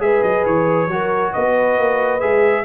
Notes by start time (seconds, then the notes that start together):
0.00 G#3 G#4 B4 E5
0.23 F#3 D#5
0.46 E3 C#5
0.88 F#3 F#4 A#4
1.32 B3 B4 D#5
1.79 A#3
2.20 G#3 G#4 E5